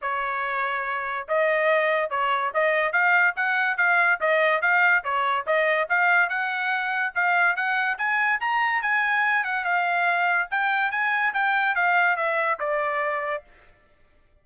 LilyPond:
\new Staff \with { instrumentName = "trumpet" } { \time 4/4 \tempo 4 = 143 cis''2. dis''4~ | dis''4 cis''4 dis''4 f''4 | fis''4 f''4 dis''4 f''4 | cis''4 dis''4 f''4 fis''4~ |
fis''4 f''4 fis''4 gis''4 | ais''4 gis''4. fis''8 f''4~ | f''4 g''4 gis''4 g''4 | f''4 e''4 d''2 | }